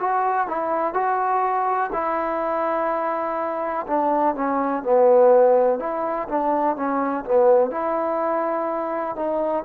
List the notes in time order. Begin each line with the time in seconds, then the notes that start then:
0.00 F#4
0.48 E4
0.94 F#4
1.93 E4
3.87 D4
4.35 C#4
4.83 B3
5.79 E4
6.29 D4
6.77 C#4
7.25 B3
7.71 E4
9.16 D#4